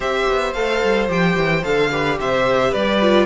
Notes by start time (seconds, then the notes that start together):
0.00 C4 G4 C5 E5
0.29 B3
0.53 A3 A4 F5
0.83 G3
1.08 F3 G4 G5
1.36 E3
1.63 D3 A4 F5
1.91 G4 B4
2.19 C3 C5 E5
2.71 G3 B4 D5
3.01 F4